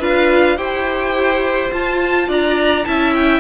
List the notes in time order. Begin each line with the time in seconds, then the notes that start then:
0.00 D4 F4 B4 F5
0.57 E4 G4 C5 G5
1.72 F4 A5
2.28 D4 D5 A#5
2.85 C#4 E4 E5 A5
3.14 G5